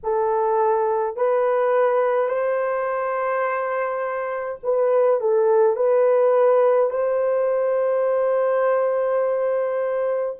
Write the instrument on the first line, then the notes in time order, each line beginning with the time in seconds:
horn
0.03 A4
1.16 B4
2.28 C5
4.63 B4
5.20 A4
5.76 B4
6.89 C5